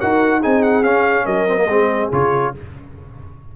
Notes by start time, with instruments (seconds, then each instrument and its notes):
0.00 tuba D#4, trombone F#4, horn A#4, trumpet F#5
0.40 tuba C4, trombone D#4, horn G#4, trumpet G#5
0.63 trumpet F#5
0.84 tuba C#4, trombone C#4, trumpet F5
1.25 tuba F#3, horn A#4, trumpet D#5
1.48 trombone C4
1.57 trombone A#3
1.67 tuba G#3, trombone C4, horn G#4
2.12 tuba C#3, trombone F4, trumpet C#5